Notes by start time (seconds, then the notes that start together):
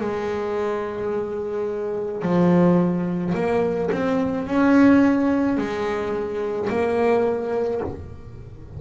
0.00 G#3
2.22 F3
3.34 A#3
3.92 C4
4.46 C#4
5.57 G#3
6.70 A#3